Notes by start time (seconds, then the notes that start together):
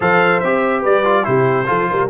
0.00 F3 A4 C5 F5
0.40 C4 G4 E5
0.80 G3 B4 D5
1.04 F4
1.23 C3 E4 G4 C5
1.66 F3 F4 A4
1.90 G3 A#4